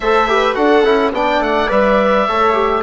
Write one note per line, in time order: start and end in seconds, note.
0.00 0.54 A3
0.00 0.28 A4
0.00 0.28 C5
0.00 0.54 E5
0.28 0.54 G4
0.28 0.56 B4
0.54 0.84 D4
0.54 0.82 F#4
0.54 1.12 A4
0.54 1.11 F#5
0.84 1.12 C#4
0.84 1.12 E4
1.12 1.39 B3
1.12 1.68 D4
1.12 2.27 D5
1.12 1.42 G5
1.39 1.67 A3
1.39 1.70 F#5
1.68 2.27 G3
1.68 2.25 B4
1.68 2.82 E5
2.27 2.82 A3
2.27 2.53 A4
2.27 2.82 C#5
2.53 2.81 G4